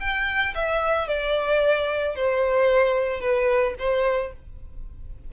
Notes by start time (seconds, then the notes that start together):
0.00 G5
0.55 E5
1.08 D5
2.15 C5
3.21 B4
3.79 C5